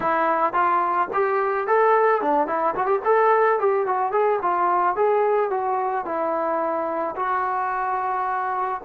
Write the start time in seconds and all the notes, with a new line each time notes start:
0.00 E4
0.53 F4
1.13 G4
1.67 A4
2.21 D4
2.47 E4
2.75 F#4
2.85 G4
3.05 A4
3.59 G4
3.86 F#4
4.12 G#4
4.42 F4
4.96 G#4
5.50 F#4
6.05 E4
7.16 F#4